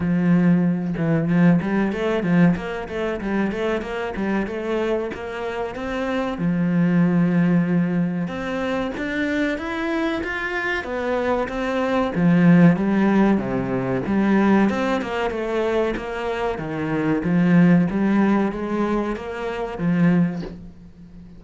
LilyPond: \new Staff \with { instrumentName = "cello" } { \time 4/4 \tempo 4 = 94 f4. e8 f8 g8 a8 f8 | ais8 a8 g8 a8 ais8 g8 a4 | ais4 c'4 f2~ | f4 c'4 d'4 e'4 |
f'4 b4 c'4 f4 | g4 c4 g4 c'8 ais8 | a4 ais4 dis4 f4 | g4 gis4 ais4 f4 | }